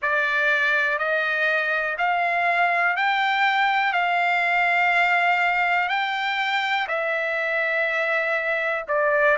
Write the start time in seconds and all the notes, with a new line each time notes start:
0.01 D5
0.98 D#5
1.98 F5
2.96 G5
3.92 F5
5.88 G5
6.88 E5
8.88 D5